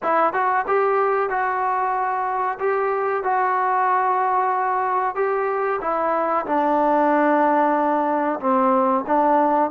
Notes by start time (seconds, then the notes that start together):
0.02 E4
0.33 F#4
0.67 G4
1.29 F#4
2.59 G4
3.23 F#4
5.15 G4
5.81 E4
6.46 D4
8.40 C4
9.06 D4